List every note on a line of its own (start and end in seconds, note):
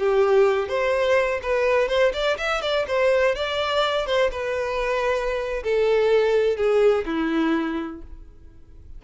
0.00 0.69 G4
0.69 1.41 C5
1.43 1.89 B4
1.89 2.13 C5
2.14 2.38 D5
2.38 2.62 E5
2.62 2.86 D5
2.88 3.36 C5
3.36 4.07 D5
4.07 4.31 C5
4.32 5.64 B4
5.64 6.57 A4
6.57 7.05 G#4
7.06 8.02 E4